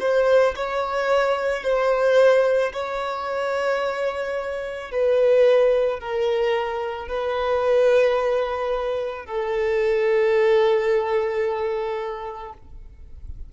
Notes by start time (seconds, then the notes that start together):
0.00 C5
0.56 C#5
1.63 C5
2.73 C#5
4.91 B4
6.00 A#4
7.08 B4
9.25 A4